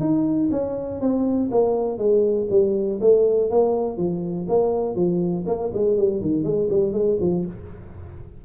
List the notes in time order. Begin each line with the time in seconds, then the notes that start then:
0.00 D#4
0.51 C#4
1.01 C4
1.51 A#3
1.98 G#3
2.50 G3
3.01 A3
3.50 A#3
3.97 F3
4.49 A#3
4.95 F3
5.46 A#3
5.74 G#3
5.97 G3
6.21 D#3
6.43 G#3
6.70 G3
6.93 G#3
7.20 F3